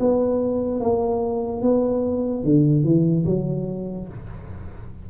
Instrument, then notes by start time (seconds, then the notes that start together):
tuba
0.00 B3
0.80 A#3
1.62 B3
2.44 D3
2.84 E3
3.26 F#3